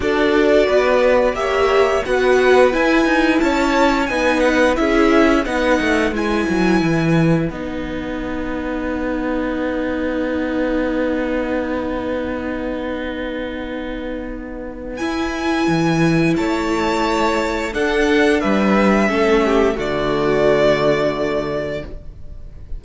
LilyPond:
<<
  \new Staff \with { instrumentName = "violin" } { \time 4/4 \tempo 4 = 88 d''2 e''4 fis''4 | gis''4 a''4 gis''8 fis''8 e''4 | fis''4 gis''2 fis''4~ | fis''1~ |
fis''1~ | fis''2 gis''2 | a''2 fis''4 e''4~ | e''4 d''2. | }
  \new Staff \with { instrumentName = "violin" } { \time 4/4 a'4 b'4 cis''4 b'4~ | b'4 cis''4 b'4 gis'4 | b'1~ | b'1~ |
b'1~ | b'1 | cis''2 a'4 b'4 | a'8 g'8 fis'2. | }
  \new Staff \with { instrumentName = "viola" } { \time 4/4 fis'2 g'4 fis'4 | e'2 dis'4 e'4 | dis'4 e'2 dis'4~ | dis'1~ |
dis'1~ | dis'2 e'2~ | e'2 d'2 | cis'4 a2. | }
  \new Staff \with { instrumentName = "cello" } { \time 4/4 d'4 b4 ais4 b4 | e'8 dis'8 cis'4 b4 cis'4 | b8 a8 gis8 fis8 e4 b4~ | b1~ |
b1~ | b2 e'4 e4 | a2 d'4 g4 | a4 d2. | }
>>